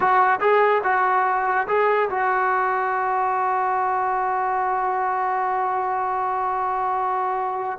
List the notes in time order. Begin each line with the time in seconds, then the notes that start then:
0.00 F#4
0.40 G#4
0.83 F#4
1.67 G#4
2.09 F#4